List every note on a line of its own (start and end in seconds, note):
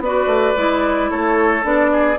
0.00 0.26 B3
0.00 0.56 F#4
0.00 1.11 B4
0.00 1.11 D5
0.26 0.53 A3
0.56 1.10 G#3
0.56 1.63 E4
1.11 1.64 A3
1.11 1.91 A4
1.11 1.64 C#5
1.63 2.18 B3
1.63 2.16 D4
1.63 2.19 D5
1.93 2.19 G#4